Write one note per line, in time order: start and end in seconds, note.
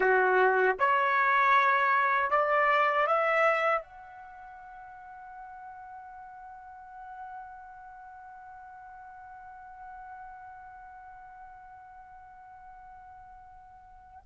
0.00 0.76 F#4
0.79 2.30 C#5
2.30 3.06 D5
3.06 3.81 E5
3.81 14.20 F#5